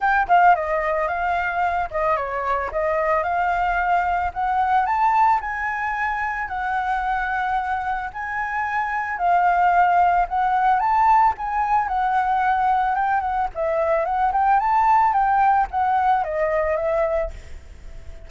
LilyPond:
\new Staff \with { instrumentName = "flute" } { \time 4/4 \tempo 4 = 111 g''8 f''8 dis''4 f''4. dis''8 | cis''4 dis''4 f''2 | fis''4 a''4 gis''2 | fis''2. gis''4~ |
gis''4 f''2 fis''4 | a''4 gis''4 fis''2 | g''8 fis''8 e''4 fis''8 g''8 a''4 | g''4 fis''4 dis''4 e''4 | }